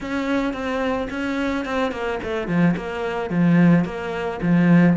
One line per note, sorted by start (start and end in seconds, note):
0.00 0.53 C#4
0.53 1.08 C4
1.10 1.65 C#4
1.65 1.91 C4
1.91 2.19 A#3
2.23 2.47 A3
2.47 2.75 F3
2.76 3.30 A#3
3.30 3.84 F3
3.84 4.39 A#3
4.42 4.96 F3